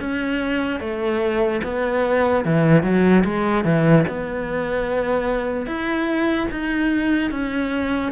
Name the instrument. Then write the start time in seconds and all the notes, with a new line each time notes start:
cello
0.00 C#4
0.80 A3
1.64 B3
2.45 E3
2.83 F#3
3.25 G#3
3.64 E3
4.08 B3
5.66 E4
6.52 D#4
7.31 C#4